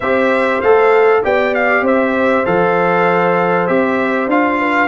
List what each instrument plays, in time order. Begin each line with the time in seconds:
0.00 tuba C4, trombone G4, horn C5, trumpet E5
0.61 tuba A3, trombone A4, trumpet F5
1.23 tuba B3, trombone G4, horn D5, trumpet G5
1.54 trumpet F5
1.81 tuba C4, horn C5, trumpet E5
2.45 tuba F3, trombone A4, trumpet F5
3.67 tuba C4, trombone G4, trumpet E5
4.27 tuba D4, trombone F4, trumpet F5
4.59 horn B4